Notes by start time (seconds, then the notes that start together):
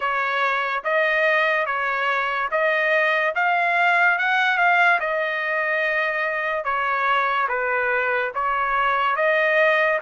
0.00 C#5
0.84 D#5
1.66 C#5
2.51 D#5
3.35 F5
4.18 F#5
4.57 F5
5.00 D#5
6.64 C#5
7.48 B4
8.34 C#5
9.16 D#5